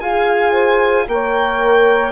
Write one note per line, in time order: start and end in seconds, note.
0.00 1.07 F4
0.00 1.07 G#4
0.00 0.51 F5
0.00 1.07 G#5
0.51 1.05 C5
1.07 2.11 A#3
1.07 2.11 A#4
1.07 2.11 C#5
1.07 2.11 G5